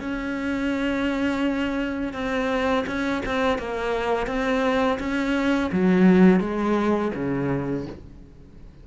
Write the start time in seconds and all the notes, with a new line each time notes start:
0.00 C#4
2.13 C4
2.87 C#4
3.26 C4
3.58 A#3
4.27 C4
4.99 C#4
5.72 F#3
6.40 G#3
7.15 C#3